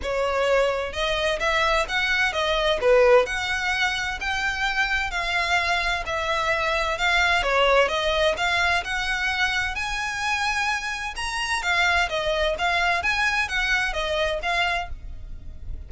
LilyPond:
\new Staff \with { instrumentName = "violin" } { \time 4/4 \tempo 4 = 129 cis''2 dis''4 e''4 | fis''4 dis''4 b'4 fis''4~ | fis''4 g''2 f''4~ | f''4 e''2 f''4 |
cis''4 dis''4 f''4 fis''4~ | fis''4 gis''2. | ais''4 f''4 dis''4 f''4 | gis''4 fis''4 dis''4 f''4 | }